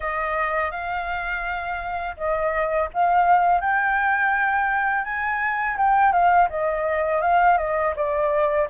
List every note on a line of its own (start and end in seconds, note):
0.00 0.71 D#5
0.71 2.16 F5
2.17 2.89 D#5
2.93 3.60 F5
3.60 5.04 G5
5.04 5.76 G#5
5.77 6.12 G5
6.12 6.48 F5
6.49 7.21 D#5
7.21 7.57 F5
7.57 7.94 D#5
7.96 8.68 D5